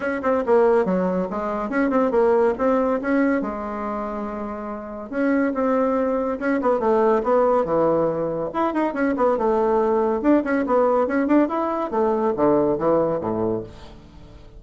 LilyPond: \new Staff \with { instrumentName = "bassoon" } { \time 4/4 \tempo 4 = 141 cis'8 c'8 ais4 fis4 gis4 | cis'8 c'8 ais4 c'4 cis'4 | gis1 | cis'4 c'2 cis'8 b8 |
a4 b4 e2 | e'8 dis'8 cis'8 b8 a2 | d'8 cis'8 b4 cis'8 d'8 e'4 | a4 d4 e4 a,4 | }